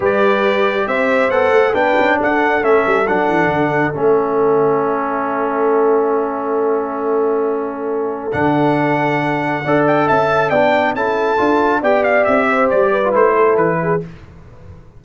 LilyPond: <<
  \new Staff \with { instrumentName = "trumpet" } { \time 4/4 \tempo 4 = 137 d''2 e''4 fis''4 | g''4 fis''4 e''4 fis''4~ | fis''4 e''2.~ | e''1~ |
e''2. fis''4~ | fis''2~ fis''8 g''8 a''4 | g''4 a''2 g''8 f''8 | e''4 d''4 c''4 b'4 | }
  \new Staff \with { instrumentName = "horn" } { \time 4/4 b'2 c''2 | b'4 a'2.~ | a'1~ | a'1~ |
a'1~ | a'2 d''4 e''4 | d''4 a'2 d''4~ | d''8 c''4 b'4 a'4 gis'8 | }
  \new Staff \with { instrumentName = "trombone" } { \time 4/4 g'2. a'4 | d'2 cis'4 d'4~ | d'4 cis'2.~ | cis'1~ |
cis'2. d'4~ | d'2 a'2 | d'4 e'4 f'4 g'4~ | g'4.~ g'16 f'16 e'2 | }
  \new Staff \with { instrumentName = "tuba" } { \time 4/4 g2 c'4 b8 a8 | b8 cis'8 d'4 a8 g8 fis8 e8 | d4 a2.~ | a1~ |
a2. d4~ | d2 d'4 cis'4 | b4 cis'4 d'4 b4 | c'4 g4 a4 e4 | }
>>